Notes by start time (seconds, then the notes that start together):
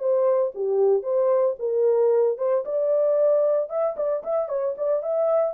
0.00 C5
0.55 G4
1.03 C5
1.60 A#4
2.39 C5
2.65 D5
3.70 E5
3.97 D5
4.24 E5
4.49 C#5
4.78 D5
5.03 E5